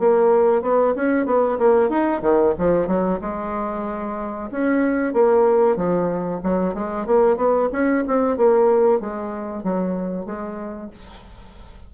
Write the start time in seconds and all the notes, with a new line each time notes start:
0.00 A#3
0.62 B3
0.96 C#4
1.26 B3
1.59 A#3
1.90 D#4
2.22 D#3
2.59 F3
2.88 F#3
3.22 G#3
4.52 C#4
5.14 A#3
5.77 F3
6.44 F#3
6.75 G#3
7.06 A#3
7.37 B3
7.72 C#4
8.08 C4
8.38 A#3
9.01 G#3
9.64 F#3
10.26 G#3